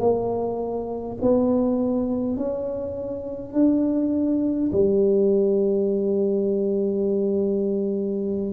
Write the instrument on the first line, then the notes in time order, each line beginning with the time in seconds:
tuba
0.00 A#3
1.21 B3
2.37 C#4
3.53 D4
4.72 G3